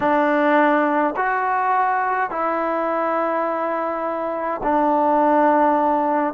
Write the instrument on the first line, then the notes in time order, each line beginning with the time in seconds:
trombone
0.00 D4
1.16 F#4
2.30 E4
4.63 D4